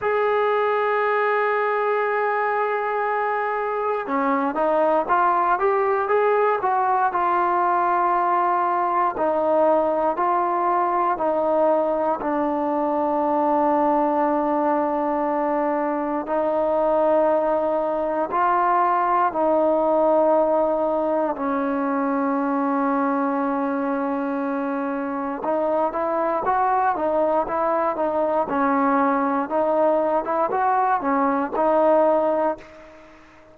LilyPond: \new Staff \with { instrumentName = "trombone" } { \time 4/4 \tempo 4 = 59 gis'1 | cis'8 dis'8 f'8 g'8 gis'8 fis'8 f'4~ | f'4 dis'4 f'4 dis'4 | d'1 |
dis'2 f'4 dis'4~ | dis'4 cis'2.~ | cis'4 dis'8 e'8 fis'8 dis'8 e'8 dis'8 | cis'4 dis'8. e'16 fis'8 cis'8 dis'4 | }